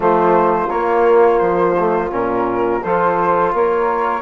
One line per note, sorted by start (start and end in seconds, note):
0.00 0.68 F3
0.00 0.69 A3
0.00 2.80 F4
0.00 0.69 C5
0.69 1.39 A#3
0.69 1.76 A#3
0.69 1.38 C#5
1.38 2.11 F3
1.38 2.08 C5
1.78 2.10 A3
2.10 2.82 A#2
2.10 2.81 C#4
2.10 2.83 A#4
2.83 3.53 F3
2.83 4.21 F4
2.83 3.53 A4
2.83 3.53 C5
3.53 4.21 A#3
3.53 4.21 A#4
3.53 4.21 C#5